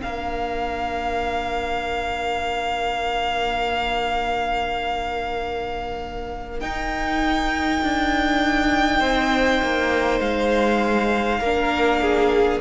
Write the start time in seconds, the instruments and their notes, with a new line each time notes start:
0.00 cello A#3, viola D4, violin A#4 F5
6.60 viola D#4, cello D#4, violin G5
7.83 cello D4
9.00 cello C4, violin C5
9.62 cello A#3
10.20 cello G#3, violin F5
11.39 cello A#3, viola D4, violin A#4
12.01 violin G#4